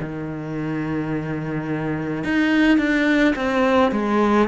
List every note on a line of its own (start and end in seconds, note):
0.00 2.24 D#3
2.24 2.78 D#4
2.78 3.35 D4
3.36 3.92 C4
3.92 4.49 G#3